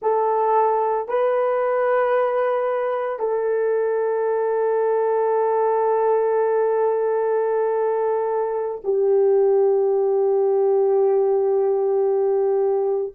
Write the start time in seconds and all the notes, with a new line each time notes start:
0.02 A4
1.08 B4
3.19 A4
8.84 G4